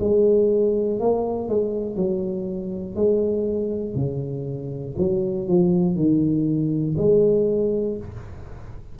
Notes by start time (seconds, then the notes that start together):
0.00 G#3
1.00 A#3
1.49 G#3
1.96 F#3
2.95 G#3
3.95 C#3
4.98 F#3
5.48 F3
5.96 D#3
6.98 G#3